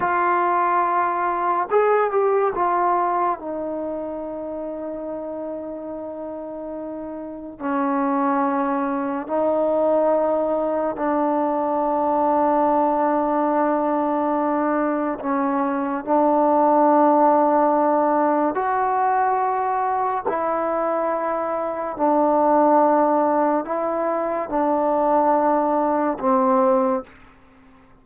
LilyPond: \new Staff \with { instrumentName = "trombone" } { \time 4/4 \tempo 4 = 71 f'2 gis'8 g'8 f'4 | dis'1~ | dis'4 cis'2 dis'4~ | dis'4 d'2.~ |
d'2 cis'4 d'4~ | d'2 fis'2 | e'2 d'2 | e'4 d'2 c'4 | }